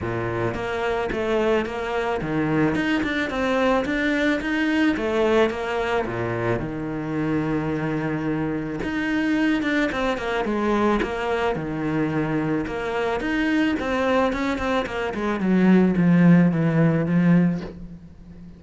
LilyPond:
\new Staff \with { instrumentName = "cello" } { \time 4/4 \tempo 4 = 109 ais,4 ais4 a4 ais4 | dis4 dis'8 d'8 c'4 d'4 | dis'4 a4 ais4 ais,4 | dis1 |
dis'4. d'8 c'8 ais8 gis4 | ais4 dis2 ais4 | dis'4 c'4 cis'8 c'8 ais8 gis8 | fis4 f4 e4 f4 | }